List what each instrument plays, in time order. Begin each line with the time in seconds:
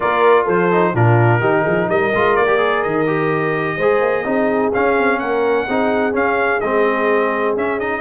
0.00 tuba A#3, trombone F4, horn A#4, trumpet D5
0.44 tuba F3, horn A4, trumpet C5
0.71 trombone D#4
0.94 tuba A#2, trombone D4, horn F4, trumpet A#4
1.39 tuba D#3, trombone D#4, horn G4
1.62 tuba F3, horn G#4
1.89 tuba G3, horn A#4, trumpet D#5
2.15 tuba G#3, trombone F4
2.36 tuba A#3, trumpet D5
2.47 trombone G4
2.58 trombone G#4
2.82 tuba D#3, trumpet D#5
3.06 trombone G4
3.76 tuba G#3, trombone G#4, horn C5
4.00 tuba A#3
4.24 tuba C4, trombone D#4, horn G#4
4.73 trombone C#4, tuba C#4, trumpet F5
4.98 tuba C4
5.19 tuba A#3, horn A#4, trumpet F#5
5.67 tuba C4, trombone D#4, horn G#4
6.13 trombone C#4, tuba C#4, trumpet F5
6.60 tuba G#3, trombone C4, trumpet D#5
7.56 tuba C#4, trombone C#4, trumpet E5
7.79 trombone D#4, trumpet D#5